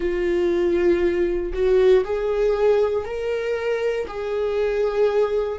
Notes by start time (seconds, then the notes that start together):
0.00 F4
1.53 F#4
2.04 G#4
3.04 A#4
4.07 G#4